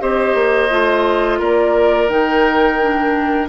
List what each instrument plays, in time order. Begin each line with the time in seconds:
0.00 bassoon C4, clarinet G4, oboe C5, flute D#5
0.35 bassoon A#3
0.70 bassoon A3, clarinet F4
1.40 bassoon A#3, oboe A#4, flute D5
2.09 bassoon D#3, clarinet D#4, flute G5
2.82 clarinet D4